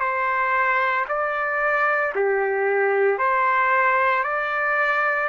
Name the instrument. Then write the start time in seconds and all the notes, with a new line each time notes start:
trumpet
0.00 C5
1.09 D5
2.15 G4
3.19 C5
4.24 D5